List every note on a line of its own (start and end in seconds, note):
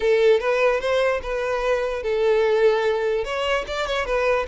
0.00 0.39 A4
0.39 0.80 B4
0.80 1.21 C5
1.22 2.03 B4
2.03 3.24 A4
3.24 3.64 C#5
3.67 3.86 D5
3.86 4.05 C#5
4.05 4.46 B4